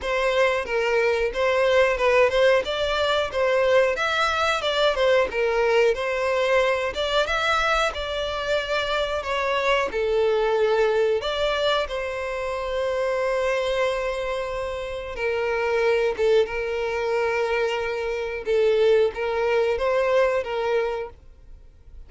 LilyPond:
\new Staff \with { instrumentName = "violin" } { \time 4/4 \tempo 4 = 91 c''4 ais'4 c''4 b'8 c''8 | d''4 c''4 e''4 d''8 c''8 | ais'4 c''4. d''8 e''4 | d''2 cis''4 a'4~ |
a'4 d''4 c''2~ | c''2. ais'4~ | ais'8 a'8 ais'2. | a'4 ais'4 c''4 ais'4 | }